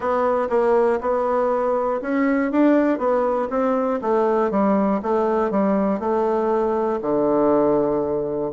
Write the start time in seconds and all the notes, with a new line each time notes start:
0.00 B3
0.49 A#3
1.00 B3
2.01 C#4
2.51 D4
2.98 B3
3.50 C4
4.01 A3
4.50 G3
5.02 A3
5.50 G3
5.99 A3
7.01 D3